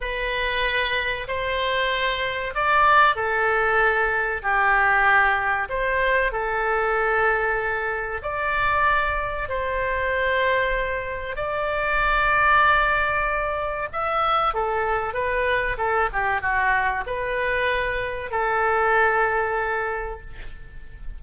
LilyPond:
\new Staff \with { instrumentName = "oboe" } { \time 4/4 \tempo 4 = 95 b'2 c''2 | d''4 a'2 g'4~ | g'4 c''4 a'2~ | a'4 d''2 c''4~ |
c''2 d''2~ | d''2 e''4 a'4 | b'4 a'8 g'8 fis'4 b'4~ | b'4 a'2. | }